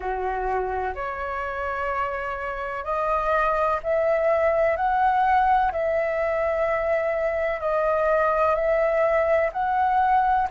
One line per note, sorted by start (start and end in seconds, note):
0.00 0.93 F#4
0.94 2.84 C#5
2.84 3.79 D#5
3.83 4.76 E5
4.76 5.71 F#5
5.71 7.60 E5
7.60 8.55 D#5
8.55 9.50 E5
9.52 10.47 F#5